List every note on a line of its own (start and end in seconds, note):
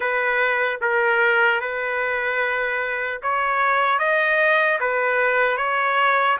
0.00 0.79 B4
0.81 1.60 A#4
1.60 3.20 B4
3.22 3.99 C#5
3.99 4.79 D#5
4.80 5.57 B4
5.57 6.37 C#5